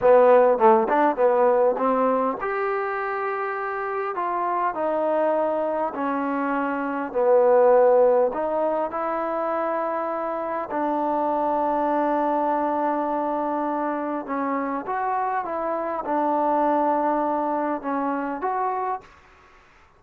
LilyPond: \new Staff \with { instrumentName = "trombone" } { \time 4/4 \tempo 4 = 101 b4 a8 d'8 b4 c'4 | g'2. f'4 | dis'2 cis'2 | b2 dis'4 e'4~ |
e'2 d'2~ | d'1 | cis'4 fis'4 e'4 d'4~ | d'2 cis'4 fis'4 | }